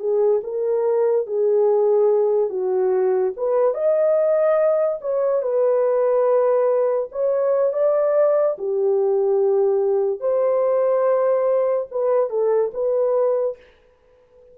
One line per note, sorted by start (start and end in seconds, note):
0.00 0.42 G#4
0.44 1.27 A#4
1.27 2.50 G#4
2.50 3.33 F#4
3.37 3.75 B4
3.75 5.00 D#5
5.02 5.43 C#5
5.43 7.09 B4
7.12 7.73 C#5
7.73 8.57 D5
8.59 10.21 G4
10.21 11.87 C5
11.91 12.30 B4
12.30 12.72 A4
12.74 13.57 B4